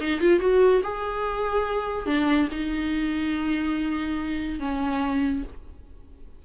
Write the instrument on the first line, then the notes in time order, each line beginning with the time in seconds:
viola
0.00 D#4
0.20 F4
0.39 F#4
0.83 G#4
2.06 D4
2.51 D#4
4.59 C#4